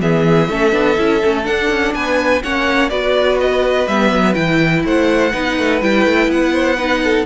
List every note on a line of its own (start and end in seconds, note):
0.00 0.49 E3
0.00 0.48 B3
0.00 0.50 G#4
0.00 1.46 E5
0.49 0.73 A3
0.49 0.72 C#4
0.49 1.95 A4
0.72 0.97 B3
0.72 0.97 D4
0.98 1.23 C#4
0.98 1.22 E4
1.24 1.49 A3
1.24 1.44 C#4
1.44 2.41 D4
1.44 1.70 D4
1.44 1.94 F#5
1.70 1.94 C#4
1.95 2.43 B3
1.95 2.43 B4
1.95 2.43 G#5
2.44 2.91 A#3
2.44 2.91 C#4
2.44 2.90 C#5
2.44 2.90 F#5
2.90 3.88 B3
2.90 3.87 F#4
2.90 4.84 B4
2.90 3.38 D5
3.41 3.89 D#5
3.88 4.12 G3
3.88 4.35 B3
3.88 4.35 E5
4.12 4.36 F#3
4.35 4.85 E3
4.35 5.32 E4
4.35 4.83 G5
4.85 5.33 A3
4.85 5.33 C5
4.85 5.83 F#5
5.33 5.59 B3
5.33 5.81 D#4
5.33 6.53 B4
5.59 5.82 A3
5.81 6.06 G3
5.81 6.78 E4
5.81 6.32 G5
6.06 6.28 A3
6.28 7.24 B3
6.28 7.26 F#5
6.53 6.76 C5
6.76 7.26 D#4
6.76 7.00 B4
7.04 7.26 A4